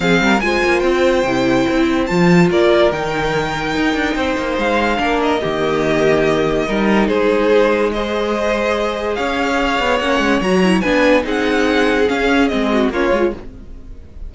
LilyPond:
<<
  \new Staff \with { instrumentName = "violin" } { \time 4/4 \tempo 4 = 144 f''4 gis''4 g''2~ | g''4 a''4 d''4 g''4~ | g''2. f''4~ | f''8 dis''2.~ dis''8~ |
dis''4 c''2 dis''4~ | dis''2 f''2 | fis''4 ais''4 gis''4 fis''4~ | fis''4 f''4 dis''4 cis''4 | }
  \new Staff \with { instrumentName = "violin" } { \time 4/4 gis'8 ais'8 c''2.~ | c''2 ais'2~ | ais'2 c''2 | ais'4 g'2. |
ais'4 gis'2 c''4~ | c''2 cis''2~ | cis''2 b'4 gis'4~ | gis'2~ gis'8 fis'8 f'4 | }
  \new Staff \with { instrumentName = "viola" } { \time 4/4 c'4 f'2 e'4~ | e'4 f'2 dis'4~ | dis'1 | d'4 ais2. |
dis'2. gis'4~ | gis'1 | cis'4 fis'8 e'8 d'4 dis'4~ | dis'4 cis'4 c'4 cis'8 f'8 | }
  \new Staff \with { instrumentName = "cello" } { \time 4/4 f8 g8 gis8 ais8 c'4 c4 | c'4 f4 ais4 dis4~ | dis4 dis'8 d'8 c'8 ais8 gis4 | ais4 dis2. |
g4 gis2.~ | gis2 cis'4. b8 | ais8 gis8 fis4 b4 c'4~ | c'4 cis'4 gis4 ais8 gis8 | }
>>